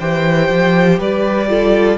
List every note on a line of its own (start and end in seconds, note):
0.00 0.50 E3
0.00 1.49 G4
0.00 0.99 C5
0.00 1.00 G5
0.50 0.99 F3
0.99 1.98 G3
0.99 1.49 B4
0.99 1.98 D5
1.49 1.98 F4
1.49 1.98 A4